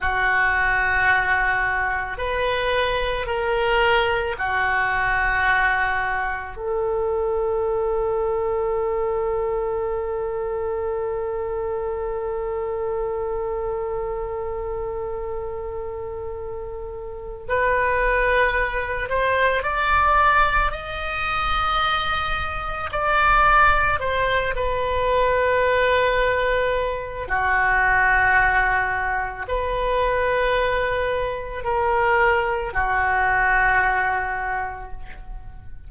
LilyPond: \new Staff \with { instrumentName = "oboe" } { \time 4/4 \tempo 4 = 55 fis'2 b'4 ais'4 | fis'2 a'2~ | a'1~ | a'1 |
b'4. c''8 d''4 dis''4~ | dis''4 d''4 c''8 b'4.~ | b'4 fis'2 b'4~ | b'4 ais'4 fis'2 | }